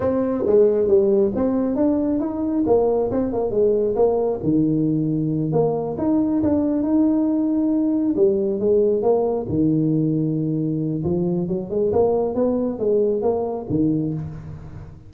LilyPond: \new Staff \with { instrumentName = "tuba" } { \time 4/4 \tempo 4 = 136 c'4 gis4 g4 c'4 | d'4 dis'4 ais4 c'8 ais8 | gis4 ais4 dis2~ | dis8 ais4 dis'4 d'4 dis'8~ |
dis'2~ dis'8 g4 gis8~ | gis8 ais4 dis2~ dis8~ | dis4 f4 fis8 gis8 ais4 | b4 gis4 ais4 dis4 | }